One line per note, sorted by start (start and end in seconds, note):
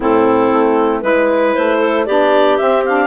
0.00 0.52 A2
0.00 1.02 C4
0.00 1.03 E4
0.00 1.01 A4
0.52 1.03 A3
1.01 1.54 G#3
1.01 2.05 E4
1.01 1.53 B4
1.01 1.79 B4
1.53 2.08 A3
1.53 2.05 C5
1.79 2.04 A4
2.05 2.59 B3
2.05 2.59 D4
2.05 3.06 G4
2.05 2.57 D5
2.57 2.85 C4
2.57 3.06 C4
2.57 2.83 E5
2.84 3.06 D4
2.84 3.06 F5